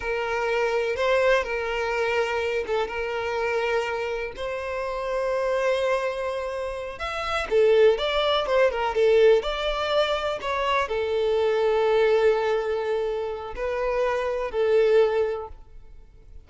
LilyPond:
\new Staff \with { instrumentName = "violin" } { \time 4/4 \tempo 4 = 124 ais'2 c''4 ais'4~ | ais'4. a'8 ais'2~ | ais'4 c''2.~ | c''2~ c''8 e''4 a'8~ |
a'8 d''4 c''8 ais'8 a'4 d''8~ | d''4. cis''4 a'4.~ | a'1 | b'2 a'2 | }